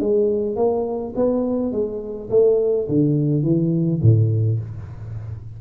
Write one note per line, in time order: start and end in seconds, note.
0.00 0.56 G#3
0.56 1.14 A#3
1.16 1.72 B3
1.72 2.30 G#3
2.30 2.88 A3
2.89 3.43 D3
3.43 4.01 E3
4.02 4.60 A2